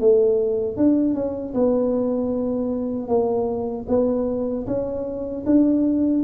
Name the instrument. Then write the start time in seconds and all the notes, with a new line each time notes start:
tuba
0.00 A3
0.77 D4
1.15 C#4
1.54 B3
3.08 A#3
3.89 B3
4.67 C#4
5.46 D4